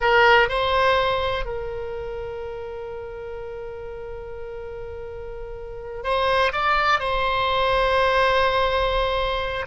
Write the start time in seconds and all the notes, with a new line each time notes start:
0.00 A#4
0.48 C5
1.45 A#4
6.03 C5
6.52 D5
6.99 C5